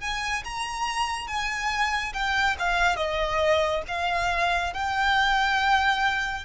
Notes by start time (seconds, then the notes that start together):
0.00 G#5
0.44 A#5
1.27 G#5
2.13 G5
2.58 F5
2.96 D#5
3.87 F5
4.73 G5